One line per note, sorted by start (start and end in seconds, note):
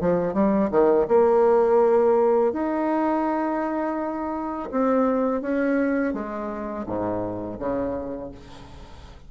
0.00 0.34 F3
0.34 0.70 G3
0.70 1.06 D#3
1.08 2.52 A#3
2.52 4.69 D#4
4.71 5.42 C4
5.42 6.13 C#4
6.13 6.85 G#3
6.86 7.58 G#2
7.59 8.31 C#3